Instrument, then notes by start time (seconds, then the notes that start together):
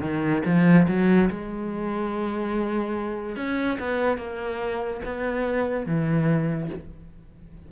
cello
0.00 D#3
0.45 F3
0.87 F#3
1.30 G#3
3.36 C#4
3.79 B3
4.17 A#3
5.05 B3
5.86 E3